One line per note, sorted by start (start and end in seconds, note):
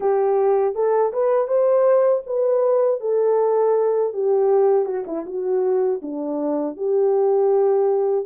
0.00 0.74 G4
0.74 1.12 A4
1.12 1.47 B4
1.47 2.22 C5
2.26 3.00 B4
3.00 4.12 A4
4.13 4.85 G4
4.85 5.04 F#4
5.07 5.25 E4
5.25 6.00 F#4
6.01 6.76 D4
6.77 8.25 G4